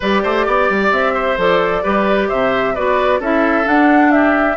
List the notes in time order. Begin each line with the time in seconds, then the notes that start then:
0.00 G3 G4 B4 D5
0.23 A3 C5
0.46 B3 D5
0.69 G3
0.91 C4 E5
1.13 C5
1.37 F3 A4 D5
1.83 G3 G4 B4
2.28 C3 C5 E5
2.74 B3 F#4 B4 D5
3.20 C#4 E4 A4 E5
3.64 D4 F#5
4.11 G4 E5